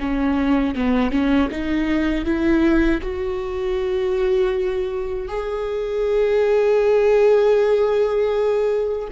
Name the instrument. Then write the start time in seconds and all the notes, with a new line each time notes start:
viola
0.00 C#4
0.75 B3
1.11 C#4
1.51 D#4
2.25 E4
3.02 F#4
5.29 G#4